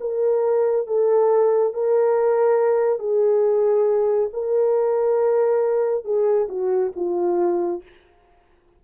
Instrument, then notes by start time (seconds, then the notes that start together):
horn
0.00 A#4
0.87 A4
1.74 A#4
2.99 G#4
4.33 A#4
6.04 G#4
6.49 F#4
6.96 F4